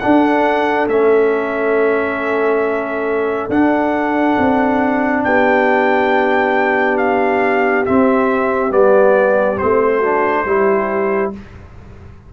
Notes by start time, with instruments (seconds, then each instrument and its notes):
0.00 trombone D4, tuba D4, horn A4, trumpet F#5
0.87 tuba A3, trombone C#4, trumpet E5
3.49 tuba D4, trombone D4, trumpet F#5
4.38 tuba C4
5.24 tuba B3, horn G4, trumpet G5
6.98 trumpet F5
7.86 trombone C4, tuba C4, trumpet E5
8.70 tuba G3, trombone B3, trumpet D5
9.58 tuba A3, trombone C4, trumpet C5
9.98 trombone D4, horn F#4
10.45 tuba G3, trombone E4, horn G4